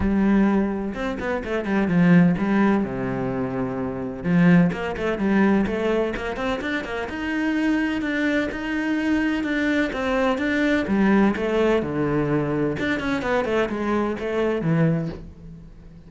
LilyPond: \new Staff \with { instrumentName = "cello" } { \time 4/4 \tempo 4 = 127 g2 c'8 b8 a8 g8 | f4 g4 c2~ | c4 f4 ais8 a8 g4 | a4 ais8 c'8 d'8 ais8 dis'4~ |
dis'4 d'4 dis'2 | d'4 c'4 d'4 g4 | a4 d2 d'8 cis'8 | b8 a8 gis4 a4 e4 | }